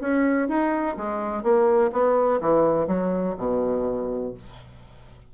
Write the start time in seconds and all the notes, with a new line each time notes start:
0.00 C#4
0.48 D#4
0.96 G#3
1.43 A#3
1.92 B3
2.40 E3
2.87 F#3
3.37 B2